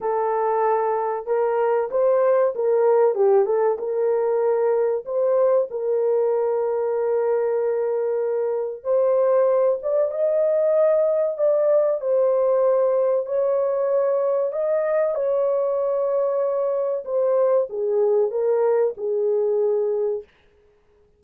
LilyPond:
\new Staff \with { instrumentName = "horn" } { \time 4/4 \tempo 4 = 95 a'2 ais'4 c''4 | ais'4 g'8 a'8 ais'2 | c''4 ais'2.~ | ais'2 c''4. d''8 |
dis''2 d''4 c''4~ | c''4 cis''2 dis''4 | cis''2. c''4 | gis'4 ais'4 gis'2 | }